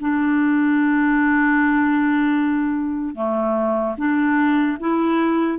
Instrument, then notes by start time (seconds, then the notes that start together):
clarinet
0.00 D4
3.15 A3
3.97 D4
4.80 E4